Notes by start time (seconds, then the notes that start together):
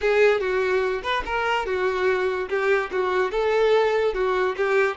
0.01 G#4
0.40 F#4
1.03 B4
1.25 A#4
1.66 F#4
2.49 G4
2.91 F#4
3.31 A4
4.14 F#4
4.56 G4